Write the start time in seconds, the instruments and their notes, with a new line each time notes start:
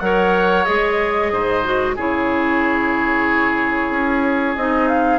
0.00 bassoon F#3, clarinet A#4, oboe C#5, flute F#5
0.65 bassoon G#3, clarinet G#4, flute D#5
1.32 bassoon G#2, oboe C5
1.64 clarinet F#4
1.96 bassoon C#3, clarinet E4, oboe G#4, flute C#5
3.91 bassoon C#4
4.56 bassoon C4, clarinet D#4, flute D#5
4.88 flute F5